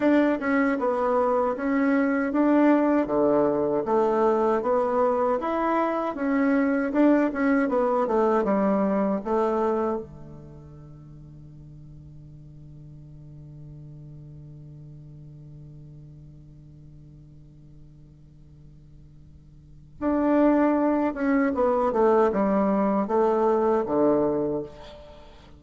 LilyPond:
\new Staff \with { instrumentName = "bassoon" } { \time 4/4 \tempo 4 = 78 d'8 cis'8 b4 cis'4 d'4 | d4 a4 b4 e'4 | cis'4 d'8 cis'8 b8 a8 g4 | a4 d2.~ |
d1~ | d1~ | d2 d'4. cis'8 | b8 a8 g4 a4 d4 | }